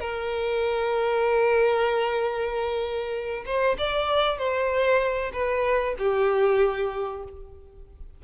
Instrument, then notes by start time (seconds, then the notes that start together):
violin
0.00 A#4
3.46 C5
3.78 D5
4.38 C5
5.33 B4
5.99 G4